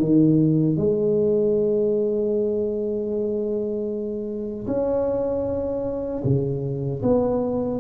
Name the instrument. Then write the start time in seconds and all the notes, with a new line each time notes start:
tuba
0.00 D#3
0.77 G#3
4.67 C#4
6.24 C#3
7.02 B3